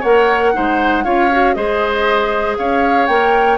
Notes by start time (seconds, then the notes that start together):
0.00 A#3 A#4 C#5 F#5
0.53 G#3 D#4 C5
1.04 C#4 F4 C#5 F5
1.31 F#4
1.54 G#3 G#4 C5 D#5
2.57 C#4 C#5 F5
3.06 A#3 A#4 G5